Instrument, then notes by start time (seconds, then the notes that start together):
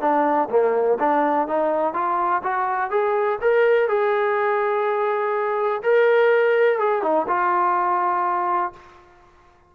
trombone
0.00 D4
0.49 A#3
0.99 D4
1.48 D#4
1.94 F4
2.43 F#4
2.90 G#4
3.41 A#4
3.88 G#4
5.83 A#4
6.79 G#4
7.02 D#4
7.27 F4